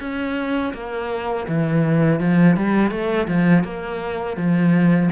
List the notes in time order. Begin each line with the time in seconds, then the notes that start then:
0.00 C#4
0.74 A#3
1.48 E3
2.20 F3
2.56 G3
2.91 A3
3.28 F3
3.64 A#3
4.36 F3